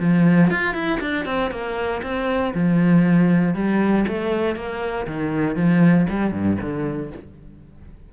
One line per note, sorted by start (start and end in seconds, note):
0.00 0.51 F3
0.51 0.74 F4
0.74 1.00 E4
1.01 1.26 D4
1.26 1.51 C4
1.51 2.02 A#3
2.03 2.54 C4
2.54 3.55 F3
3.55 4.06 G3
4.08 4.56 A3
4.56 5.07 A#3
5.07 5.56 D#3
5.56 6.07 F3
6.09 6.32 G3
6.32 6.57 G2
6.61 7.12 D3